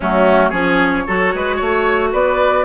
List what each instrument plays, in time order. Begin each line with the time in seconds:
0.00 bassoon F#3, clarinet A3, oboe C#4, flute F#4
0.50 bassoon F3, clarinet C#4, oboe G#4, flute C#5
1.07 bassoon F#3, clarinet F#4, oboe A4
1.34 bassoon G#3, oboe B4
1.55 bassoon A3, oboe C#5
2.12 bassoon B3, oboe B4, flute D5